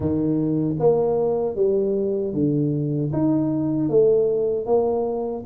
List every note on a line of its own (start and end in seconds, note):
0.00 0.76 D#3
0.79 1.55 A#3
1.55 2.33 G3
2.33 3.11 D3
3.12 3.89 D#4
3.89 4.65 A3
4.65 5.44 A#3